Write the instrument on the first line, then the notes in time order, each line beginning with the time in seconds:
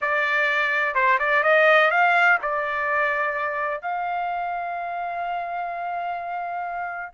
trumpet
0.01 D5
0.94 C5
1.19 D5
1.43 D#5
1.90 F5
2.42 D5
3.81 F5